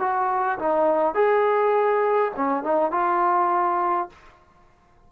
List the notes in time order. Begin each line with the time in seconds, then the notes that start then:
0.00 F#4
0.59 D#4
1.15 G#4
2.36 C#4
2.64 D#4
2.92 F4